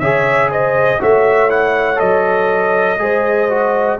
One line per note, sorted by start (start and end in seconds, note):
0.00 1.01 C#3
0.00 1.00 G#4
0.00 0.50 C#5
0.00 0.50 E5
0.50 1.00 C5
0.50 1.02 D#5
1.00 2.01 A3
1.00 1.50 F#4
1.00 3.01 C#5
1.00 1.51 E5
1.50 1.96 E4
1.50 2.00 F#5
1.96 2.99 F#3
1.96 2.96 A4
1.96 4.00 D#5
2.99 3.99 G#3
2.99 3.49 G#4
2.99 4.00 C5
3.50 4.00 F#4